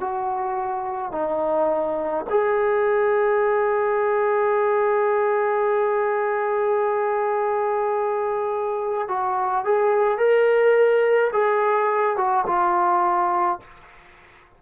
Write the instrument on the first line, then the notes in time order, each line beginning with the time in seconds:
trombone
0.00 F#4
1.12 D#4
2.30 G#4
9.08 F#4
9.65 G#4
10.18 A#4
11.33 G#4
12.16 F#4
12.47 F4